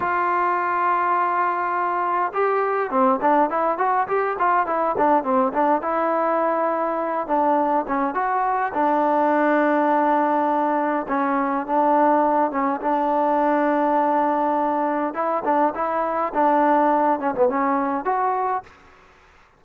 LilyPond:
\new Staff \with { instrumentName = "trombone" } { \time 4/4 \tempo 4 = 103 f'1 | g'4 c'8 d'8 e'8 fis'8 g'8 f'8 | e'8 d'8 c'8 d'8 e'2~ | e'8 d'4 cis'8 fis'4 d'4~ |
d'2. cis'4 | d'4. cis'8 d'2~ | d'2 e'8 d'8 e'4 | d'4. cis'16 b16 cis'4 fis'4 | }